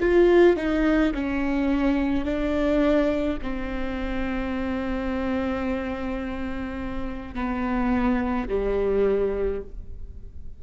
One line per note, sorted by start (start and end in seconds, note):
0.00 0.56 F4
0.56 1.13 D#4
1.14 2.24 C#4
2.24 3.38 D4
3.42 7.34 C4
7.34 8.48 B3
8.48 9.61 G3